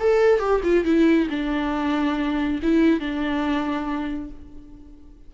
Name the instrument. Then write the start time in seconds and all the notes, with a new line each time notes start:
viola
0.00 A4
0.40 G4
0.64 F4
0.85 E4
1.30 D4
2.63 E4
3.00 D4